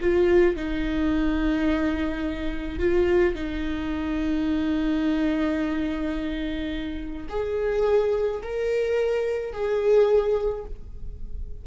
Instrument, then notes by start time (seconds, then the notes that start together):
viola
0.00 F4
0.56 D#4
2.79 F4
3.34 D#4
7.29 G#4
8.42 A#4
9.52 G#4